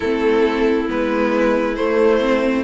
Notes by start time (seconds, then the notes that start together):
0.00 A3 C4 E4 A4
0.87 G#3 B3 B4
1.75 A3 C5
2.20 C4